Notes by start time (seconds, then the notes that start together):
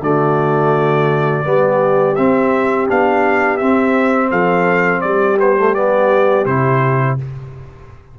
0.00 D3 A3 F#4 D5
1.44 G3 B3 G4
2.15 C4 E5
2.87 B3 D4 F5
3.57 C4 E5
4.30 F3 A4 F5
5.01 G3 G4 D5
5.38 B3 C5
5.56 A3
5.74 B3 D5
6.45 C3 E4 C5